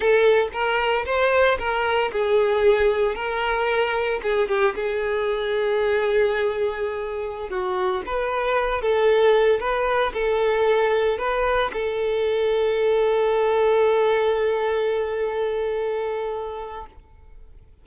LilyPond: \new Staff \with { instrumentName = "violin" } { \time 4/4 \tempo 4 = 114 a'4 ais'4 c''4 ais'4 | gis'2 ais'2 | gis'8 g'8 gis'2.~ | gis'2~ gis'16 fis'4 b'8.~ |
b'8. a'4. b'4 a'8.~ | a'4~ a'16 b'4 a'4.~ a'16~ | a'1~ | a'1 | }